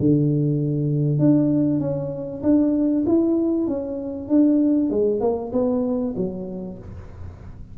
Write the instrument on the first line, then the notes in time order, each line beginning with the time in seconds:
tuba
0.00 D3
1.19 D4
1.80 C#4
2.43 D4
3.06 E4
3.67 C#4
4.28 D4
4.90 G#3
5.21 A#3
5.52 B3
6.16 F#3